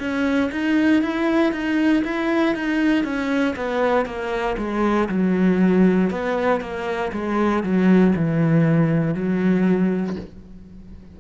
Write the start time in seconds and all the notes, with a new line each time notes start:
0.00 C#4
0.52 D#4
1.02 E4
1.53 D#4
2.05 E4
2.55 D#4
3.05 C#4
3.56 B3
4.06 A#3
4.58 G#3
5.09 F#3
6.11 B3
6.61 A#3
7.13 G#3
7.63 F#3
8.16 E3
9.15 F#3